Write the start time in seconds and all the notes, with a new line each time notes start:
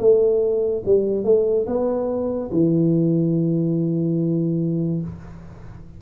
0.00 A3
0.86 G3
1.25 A3
1.67 B3
2.52 E3